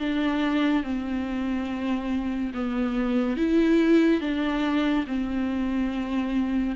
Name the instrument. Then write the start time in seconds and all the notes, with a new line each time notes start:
viola
0.00 D4
0.84 C4
2.55 B3
3.37 E4
4.21 D4
5.07 C4